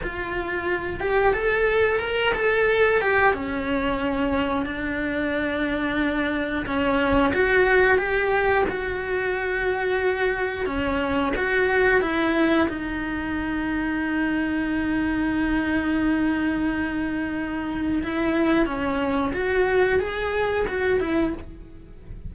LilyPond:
\new Staff \with { instrumentName = "cello" } { \time 4/4 \tempo 4 = 90 f'4. g'8 a'4 ais'8 a'8~ | a'8 g'8 cis'2 d'4~ | d'2 cis'4 fis'4 | g'4 fis'2. |
cis'4 fis'4 e'4 dis'4~ | dis'1~ | dis'2. e'4 | cis'4 fis'4 gis'4 fis'8 e'8 | }